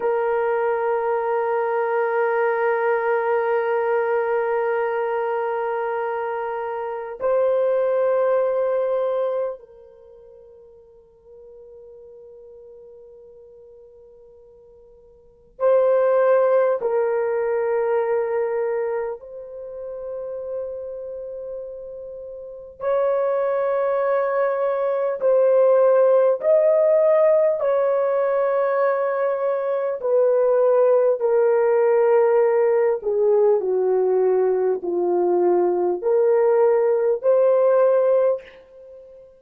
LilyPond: \new Staff \with { instrumentName = "horn" } { \time 4/4 \tempo 4 = 50 ais'1~ | ais'2 c''2 | ais'1~ | ais'4 c''4 ais'2 |
c''2. cis''4~ | cis''4 c''4 dis''4 cis''4~ | cis''4 b'4 ais'4. gis'8 | fis'4 f'4 ais'4 c''4 | }